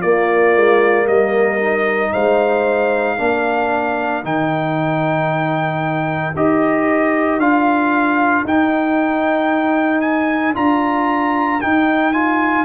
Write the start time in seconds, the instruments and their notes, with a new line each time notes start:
0.00 trombone A#3, tuba A#3, horn F4, trumpet D5
0.55 tuba G#3
1.06 tuba G3, horn A#4, trumpet D#5
1.60 trombone D#4
2.13 tuba G#3, horn C5, trumpet F5
3.18 tuba A#3, trombone D4, horn A#4
4.23 tuba D#3, trombone D#4, trumpet G5
6.36 tuba D#4, trombone G4, trumpet D#5
7.37 tuba D4, trombone F4, trumpet F5
8.44 tuba D#4, trombone D#4, trumpet G5
10.01 trumpet G#5
10.54 tuba D4, trombone F4, trumpet A#5
11.61 tuba D#4, trombone D#4, trumpet G5
12.13 trombone F4, trumpet G#5